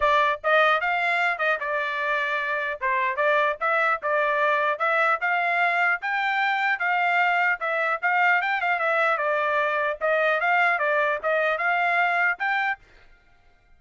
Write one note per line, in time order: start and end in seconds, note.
0.00 0.40 D5
0.43 0.81 D#5
0.81 1.38 F5
1.38 1.58 D#5
1.60 2.80 D5
2.81 3.16 C5
3.16 3.56 D5
3.60 4.00 E5
4.02 4.78 D5
4.78 5.18 E5
5.20 6.00 F5
6.01 6.79 G5
6.79 7.59 F5
7.60 8.00 E5
8.01 8.41 F5
8.41 8.61 G5
8.61 8.79 F5
8.79 9.17 E5
9.17 9.97 D5
10.01 10.40 D#5
10.40 10.78 F5
10.78 11.18 D5
11.22 11.58 D#5
11.58 12.38 F5
12.38 12.78 G5